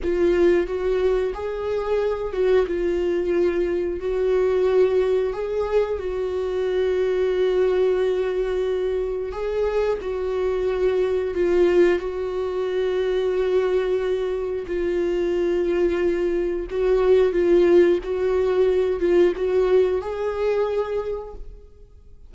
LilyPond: \new Staff \with { instrumentName = "viola" } { \time 4/4 \tempo 4 = 90 f'4 fis'4 gis'4. fis'8 | f'2 fis'2 | gis'4 fis'2.~ | fis'2 gis'4 fis'4~ |
fis'4 f'4 fis'2~ | fis'2 f'2~ | f'4 fis'4 f'4 fis'4~ | fis'8 f'8 fis'4 gis'2 | }